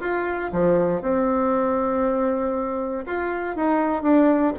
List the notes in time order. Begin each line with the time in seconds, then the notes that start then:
0.00 F4
0.52 F3
1.01 C4
3.06 F4
3.56 D#4
4.02 D4